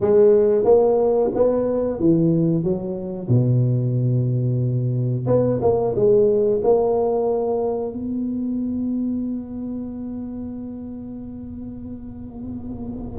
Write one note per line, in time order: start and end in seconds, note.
0.01 0.64 G#3
0.64 1.30 A#3
1.34 1.99 B3
1.99 2.63 E3
2.63 3.28 F#3
3.28 5.26 B2
5.27 5.60 B3
5.61 5.94 A#3
5.95 6.61 G#3
6.63 7.92 A#3
7.92 13.19 B3